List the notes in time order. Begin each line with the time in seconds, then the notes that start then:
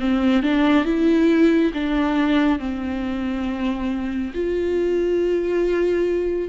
0.00 C4
0.43 D4
0.85 E4
1.74 D4
2.59 C4
4.34 F4